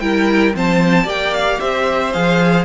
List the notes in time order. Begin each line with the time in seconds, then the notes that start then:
0.00 G3 E4 A#4 G5
0.54 F3 C4 C5 A5
1.03 A#3 G4 D5 G5
1.34 F5
1.60 C4 C5 E5
2.13 F3 G#4 F5